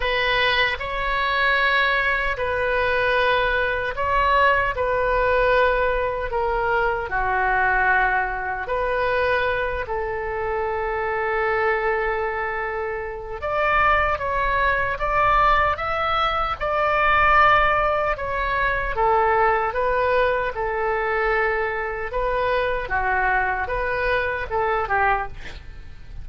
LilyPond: \new Staff \with { instrumentName = "oboe" } { \time 4/4 \tempo 4 = 76 b'4 cis''2 b'4~ | b'4 cis''4 b'2 | ais'4 fis'2 b'4~ | b'8 a'2.~ a'8~ |
a'4 d''4 cis''4 d''4 | e''4 d''2 cis''4 | a'4 b'4 a'2 | b'4 fis'4 b'4 a'8 g'8 | }